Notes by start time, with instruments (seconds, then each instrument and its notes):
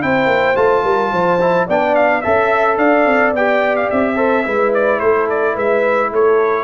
0.00 tuba C4, trombone E4, horn C5, trumpet G5
0.26 tuba A#3
0.55 tuba A3, trombone F4, trumpet A5
0.84 tuba G3, horn A#4
1.12 tuba F3, horn C5
1.41 trombone E4
1.67 tuba B3, trombone D4, horn D5, trumpet G5
1.95 trumpet F5
2.21 tuba C#4, trombone A4, horn E5, trumpet E5
2.78 tuba D4, horn D5, trumpet F5
3.05 tuba C4
3.33 tuba B3, trombone G4, trumpet G5
3.76 trumpet F5
3.90 tuba C4, trumpet E5
4.15 trombone A4, horn C5
4.45 tuba G#3, trombone E4, horn B4
4.74 trumpet D5
5.00 tuba A3, horn A4, trumpet C5
5.29 trumpet D5
5.54 tuba G#3, horn B4, trumpet E5
6.12 tuba A3, horn A4, trumpet C#5